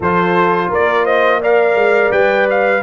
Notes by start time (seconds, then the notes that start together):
0.00 F3 F4 A4 C5
0.69 A#3 A#4 D5
1.04 C5 D#5
1.40 A#4 D5 F5
1.75 G#3
2.11 G3 B4 G5
2.49 F5